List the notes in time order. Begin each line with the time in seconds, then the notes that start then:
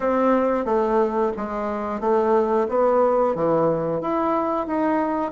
0.00 C4
0.65 A3
1.36 G#3
2.00 A3
2.68 B3
3.35 E3
4.01 E4
4.66 D#4